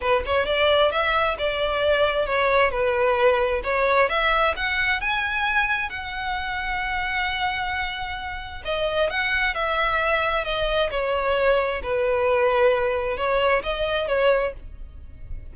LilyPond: \new Staff \with { instrumentName = "violin" } { \time 4/4 \tempo 4 = 132 b'8 cis''8 d''4 e''4 d''4~ | d''4 cis''4 b'2 | cis''4 e''4 fis''4 gis''4~ | gis''4 fis''2.~ |
fis''2. dis''4 | fis''4 e''2 dis''4 | cis''2 b'2~ | b'4 cis''4 dis''4 cis''4 | }